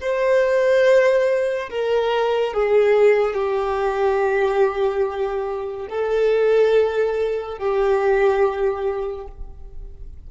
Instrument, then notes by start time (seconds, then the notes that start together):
violin
0.00 C5
1.69 A#4
2.53 G#4
3.34 G4
5.89 A4
7.58 G4